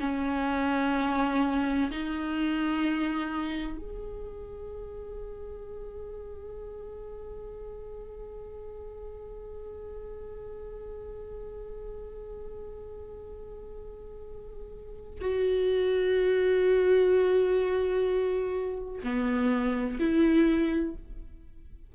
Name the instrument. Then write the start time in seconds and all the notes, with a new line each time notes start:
viola
0.00 C#4
1.91 D#4
3.77 G#4
15.21 F#4
19.03 B3
20.00 E4